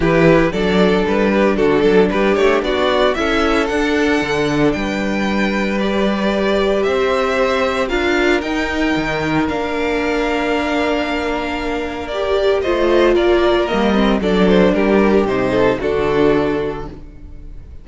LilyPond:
<<
  \new Staff \with { instrumentName = "violin" } { \time 4/4 \tempo 4 = 114 b'4 d''4 b'4 a'4 | b'8 cis''8 d''4 e''4 fis''4~ | fis''4 g''2 d''4~ | d''4 e''2 f''4 |
g''2 f''2~ | f''2. d''4 | dis''4 d''4 dis''4 d''8 c''8 | ais'4 c''4 a'2 | }
  \new Staff \with { instrumentName = "violin" } { \time 4/4 g'4 a'4. g'8 fis'8 a'8 | g'4 fis'4 a'2~ | a'4 b'2.~ | b'4 c''2 ais'4~ |
ais'1~ | ais'1 | c''4 ais'2 a'4 | g'4. a'8 fis'2 | }
  \new Staff \with { instrumentName = "viola" } { \time 4/4 e'4 d'2.~ | d'2 e'4 d'4~ | d'2. g'4~ | g'2. f'4 |
dis'2 d'2~ | d'2. g'4 | f'2 ais8 c'8 d'4~ | d'4 dis'4 d'2 | }
  \new Staff \with { instrumentName = "cello" } { \time 4/4 e4 fis4 g4 d8 fis8 | g8 a8 b4 cis'4 d'4 | d4 g2.~ | g4 c'2 d'4 |
dis'4 dis4 ais2~ | ais1 | a4 ais4 g4 fis4 | g4 c4 d2 | }
>>